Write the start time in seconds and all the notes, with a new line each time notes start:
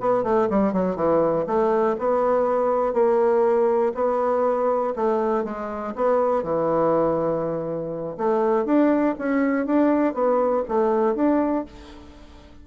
0.00 B3
0.23 A3
0.50 G3
0.73 F#3
0.96 E3
1.47 A3
1.98 B3
2.93 A#3
3.94 B3
4.95 A3
5.44 G#3
5.95 B3
6.43 E3
8.17 A3
8.65 D4
9.18 C#4
9.66 D4
10.14 B3
10.68 A3
11.15 D4